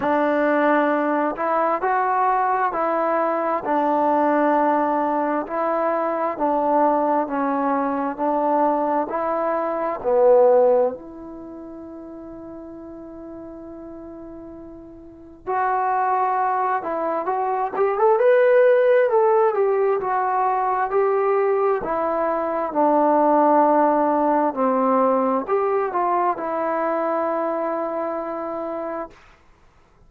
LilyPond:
\new Staff \with { instrumentName = "trombone" } { \time 4/4 \tempo 4 = 66 d'4. e'8 fis'4 e'4 | d'2 e'4 d'4 | cis'4 d'4 e'4 b4 | e'1~ |
e'4 fis'4. e'8 fis'8 g'16 a'16 | b'4 a'8 g'8 fis'4 g'4 | e'4 d'2 c'4 | g'8 f'8 e'2. | }